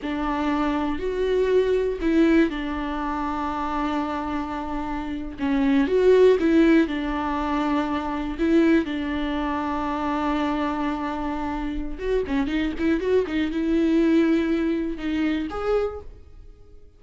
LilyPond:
\new Staff \with { instrumentName = "viola" } { \time 4/4 \tempo 4 = 120 d'2 fis'2 | e'4 d'2.~ | d'2~ d'8. cis'4 fis'16~ | fis'8. e'4 d'2~ d'16~ |
d'8. e'4 d'2~ d'16~ | d'1 | fis'8 cis'8 dis'8 e'8 fis'8 dis'8 e'4~ | e'2 dis'4 gis'4 | }